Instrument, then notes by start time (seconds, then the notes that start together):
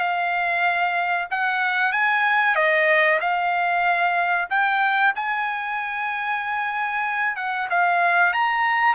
trumpet
0.00 F5
1.31 F#5
1.92 G#5
2.55 D#5
3.21 F5
4.50 G5
5.15 G#5
7.36 F#5
7.70 F5
8.33 A#5